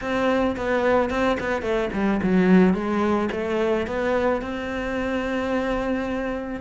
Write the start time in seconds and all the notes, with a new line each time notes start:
0.01 C4
0.56 B3
1.09 C4
1.40 B3
1.61 A3
1.93 G3
2.22 F#3
2.74 G#3
3.31 A3
3.86 B3
4.41 C4